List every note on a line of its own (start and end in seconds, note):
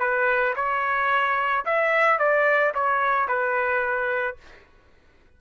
0.00 0.55 B4
0.56 1.65 C#5
1.65 2.19 E5
2.19 2.73 D5
2.74 3.28 C#5
3.28 4.37 B4